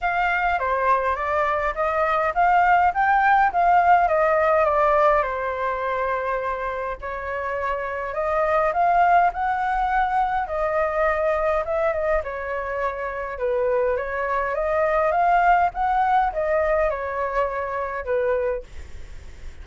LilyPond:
\new Staff \with { instrumentName = "flute" } { \time 4/4 \tempo 4 = 103 f''4 c''4 d''4 dis''4 | f''4 g''4 f''4 dis''4 | d''4 c''2. | cis''2 dis''4 f''4 |
fis''2 dis''2 | e''8 dis''8 cis''2 b'4 | cis''4 dis''4 f''4 fis''4 | dis''4 cis''2 b'4 | }